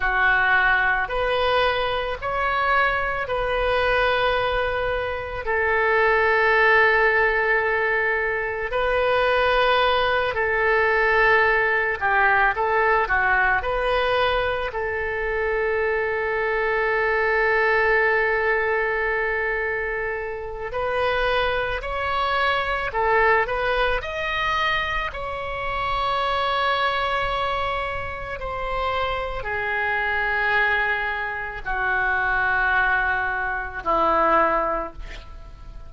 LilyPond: \new Staff \with { instrumentName = "oboe" } { \time 4/4 \tempo 4 = 55 fis'4 b'4 cis''4 b'4~ | b'4 a'2. | b'4. a'4. g'8 a'8 | fis'8 b'4 a'2~ a'8~ |
a'2. b'4 | cis''4 a'8 b'8 dis''4 cis''4~ | cis''2 c''4 gis'4~ | gis'4 fis'2 e'4 | }